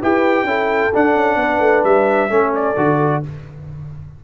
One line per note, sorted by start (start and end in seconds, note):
0.00 0.43 E4
0.00 0.46 G4
0.00 0.46 B4
0.00 0.94 G5
0.43 0.89 C#4
0.43 0.92 E4
0.43 1.39 A4
0.94 2.29 D4
0.94 1.15 D4
0.94 1.84 F#5
1.15 1.36 C#4
1.36 1.59 B3
1.36 2.31 B4
1.59 1.82 A3
1.84 2.29 G3
1.84 2.52 E5
2.29 2.75 A3
2.29 2.75 C#4
2.29 3.24 A4
2.55 3.24 D5
2.77 3.23 D3
2.77 3.22 F#4